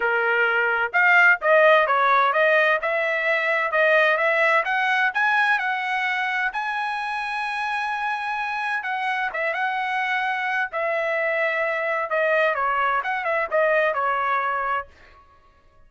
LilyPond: \new Staff \with { instrumentName = "trumpet" } { \time 4/4 \tempo 4 = 129 ais'2 f''4 dis''4 | cis''4 dis''4 e''2 | dis''4 e''4 fis''4 gis''4 | fis''2 gis''2~ |
gis''2. fis''4 | e''8 fis''2~ fis''8 e''4~ | e''2 dis''4 cis''4 | fis''8 e''8 dis''4 cis''2 | }